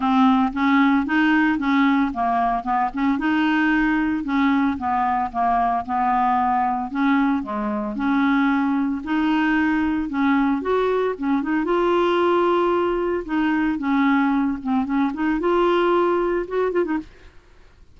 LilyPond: \new Staff \with { instrumentName = "clarinet" } { \time 4/4 \tempo 4 = 113 c'4 cis'4 dis'4 cis'4 | ais4 b8 cis'8 dis'2 | cis'4 b4 ais4 b4~ | b4 cis'4 gis4 cis'4~ |
cis'4 dis'2 cis'4 | fis'4 cis'8 dis'8 f'2~ | f'4 dis'4 cis'4. c'8 | cis'8 dis'8 f'2 fis'8 f'16 dis'16 | }